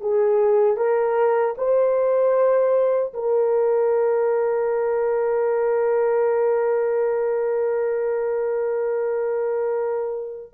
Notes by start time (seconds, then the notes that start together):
0.00 G#4
0.77 A#4
1.57 C5
3.13 A#4